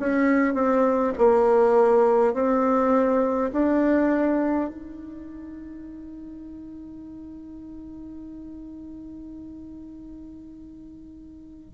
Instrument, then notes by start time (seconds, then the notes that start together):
bassoon
0.00 C#4
0.54 C4
1.18 A#3
2.34 C4
3.52 D4
4.69 D#4